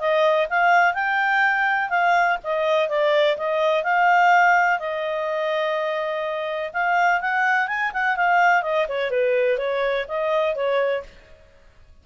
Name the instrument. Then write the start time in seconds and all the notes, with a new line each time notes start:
clarinet
0.00 D#5
0.50 F5
0.94 G5
1.90 F5
2.44 D#5
2.89 D5
3.38 D#5
3.84 F5
4.80 D#5
6.74 F5
7.21 F#5
7.68 G#5
7.94 F#5
8.17 F5
8.63 D#5
8.89 C#5
9.11 B4
9.59 C#5
10.09 D#5
10.56 C#5